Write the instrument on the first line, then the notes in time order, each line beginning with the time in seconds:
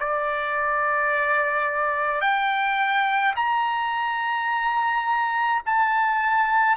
trumpet
0.00 D5
2.21 G5
3.36 A#5
5.66 A5